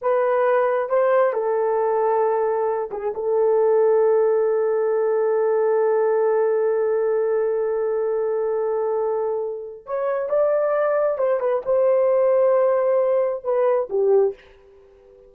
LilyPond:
\new Staff \with { instrumentName = "horn" } { \time 4/4 \tempo 4 = 134 b'2 c''4 a'4~ | a'2~ a'8 gis'8 a'4~ | a'1~ | a'1~ |
a'1~ | a'2 cis''4 d''4~ | d''4 c''8 b'8 c''2~ | c''2 b'4 g'4 | }